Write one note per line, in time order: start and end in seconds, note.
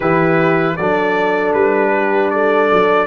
0.00 0.77 E3
0.00 0.78 E4
0.00 0.74 G4
0.00 0.76 B4
0.76 1.53 F#3
0.76 3.07 D4
0.76 1.92 A4
0.76 1.53 D5
1.53 2.69 G3
1.53 2.30 B4
1.95 2.32 G4
2.30 3.07 A4
2.30 3.07 D5
2.72 3.07 F#3